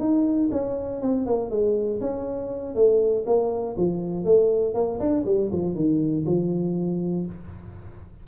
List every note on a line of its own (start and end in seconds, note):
0.00 0.50 D#4
0.52 1.02 C#4
1.02 1.27 C4
1.27 1.51 A#3
1.51 2.01 G#3
2.01 2.75 C#4
2.75 3.25 A3
3.27 3.77 A#3
3.77 4.25 F3
4.25 4.75 A3
4.75 5.00 A#3
5.00 5.25 D4
5.26 5.51 G3
5.53 5.75 F3
5.75 6.25 D#3
6.26 7.26 F3